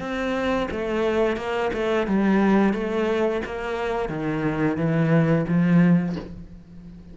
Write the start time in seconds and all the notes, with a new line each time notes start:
0.00 C4
0.71 A3
1.37 A#3
1.74 A3
2.07 G3
2.74 A3
3.46 A#3
4.09 D#3
4.77 E3
5.48 F3